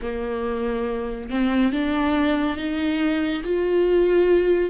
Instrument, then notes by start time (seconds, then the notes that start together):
viola
0.02 A#3
1.30 C4
1.72 D4
2.56 D#4
3.44 F4